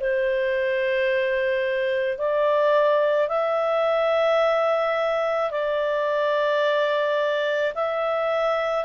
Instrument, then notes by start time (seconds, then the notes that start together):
clarinet
0.00 C5
2.18 D5
3.29 E5
5.51 D5
7.75 E5